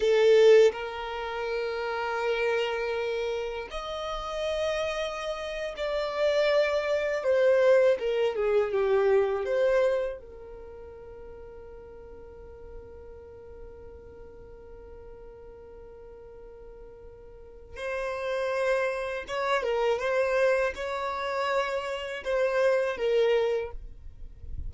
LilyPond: \new Staff \with { instrumentName = "violin" } { \time 4/4 \tempo 4 = 81 a'4 ais'2.~ | ais'4 dis''2~ dis''8. d''16~ | d''4.~ d''16 c''4 ais'8 gis'8 g'16~ | g'8. c''4 ais'2~ ais'16~ |
ais'1~ | ais'1 | c''2 cis''8 ais'8 c''4 | cis''2 c''4 ais'4 | }